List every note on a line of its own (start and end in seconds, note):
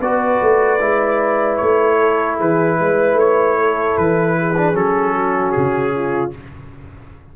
0.00 0.39 B3
0.00 0.79 F#4
0.00 1.99 B4
0.00 1.56 D5
0.42 0.81 A3
0.79 1.60 G#3
0.79 4.54 E4
1.56 2.40 A3
1.56 2.35 C#5
1.99 2.37 A4
2.37 2.79 E3
2.37 2.76 G#4
2.37 3.19 B4
2.79 3.13 G#3
2.79 3.59 B4
3.13 3.92 A3
3.13 3.97 C#5
3.59 4.38 A4
3.97 4.74 E3
3.97 4.76 B4
4.38 5.15 G#4
4.57 4.73 D4
4.73 5.53 F#3
4.73 6.31 C#4
4.73 5.51 A4
5.15 5.94 F#4
5.51 6.36 C#3
5.51 6.30 G#4
5.95 6.35 F4